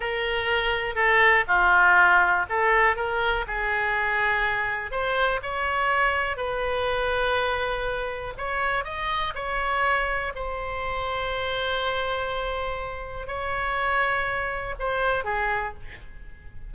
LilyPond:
\new Staff \with { instrumentName = "oboe" } { \time 4/4 \tempo 4 = 122 ais'2 a'4 f'4~ | f'4 a'4 ais'4 gis'4~ | gis'2 c''4 cis''4~ | cis''4 b'2.~ |
b'4 cis''4 dis''4 cis''4~ | cis''4 c''2.~ | c''2. cis''4~ | cis''2 c''4 gis'4 | }